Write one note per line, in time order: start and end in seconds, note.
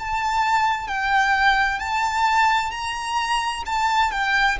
0.00 0.88 A5
0.88 1.80 G5
1.80 2.71 A5
2.71 3.64 A#5
3.66 4.12 A5
4.12 4.58 G5